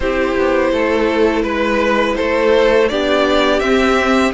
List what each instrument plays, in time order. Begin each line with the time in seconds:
0.00 cello C4, viola E4, violin G4 C5
0.36 cello B3
0.72 cello A3, violin A4
1.42 cello G#3, violin B4
2.16 cello A3, violin A4 C5
2.88 cello B3, viola D4, violin G4 D5
3.59 viola C4, cello C4, violin E5